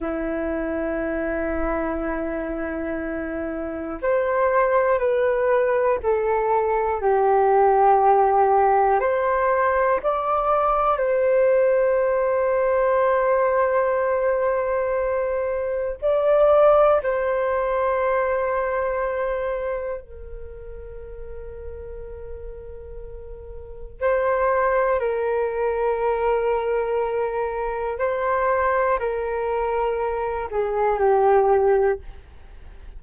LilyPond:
\new Staff \with { instrumentName = "flute" } { \time 4/4 \tempo 4 = 60 e'1 | c''4 b'4 a'4 g'4~ | g'4 c''4 d''4 c''4~ | c''1 |
d''4 c''2. | ais'1 | c''4 ais'2. | c''4 ais'4. gis'8 g'4 | }